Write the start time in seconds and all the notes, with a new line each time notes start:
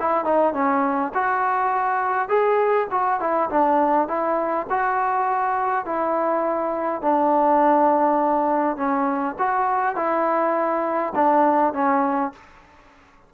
0.00 E4
0.25 D#4
0.54 C#4
1.15 F#4
2.29 G#4
2.91 F#4
3.20 E4
3.50 D4
4.08 E4
4.70 F#4
5.86 E4
7.02 D4
8.77 C#4
9.39 F#4
9.96 E4
11.16 D4
11.74 C#4